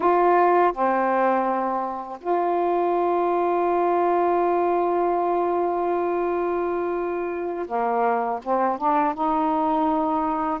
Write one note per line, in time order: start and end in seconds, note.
0.00 0.72 F4
0.72 2.19 C4
2.21 7.66 F4
7.66 8.39 A#3
8.43 8.78 C4
8.78 9.13 D4
9.13 10.60 D#4